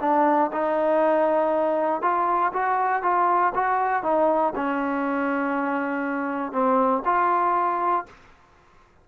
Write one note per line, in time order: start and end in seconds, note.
0.00 0.50 D4
0.52 2.01 D#4
2.01 2.52 F4
2.53 3.02 F#4
3.02 3.52 F4
3.54 4.03 F#4
4.03 4.53 D#4
4.55 6.52 C#4
6.52 7.02 C4
7.05 8.05 F4